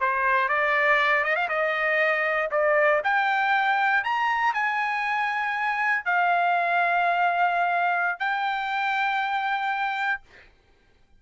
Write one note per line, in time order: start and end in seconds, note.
0.00 0.49 C5
0.49 1.24 D5
1.24 1.36 D#5
1.36 1.48 F5
1.49 2.49 D#5
2.51 3.01 D5
3.04 4.04 G5
4.04 4.54 A#5
4.54 6.05 G#5
6.05 8.19 F5
8.19 10.21 G5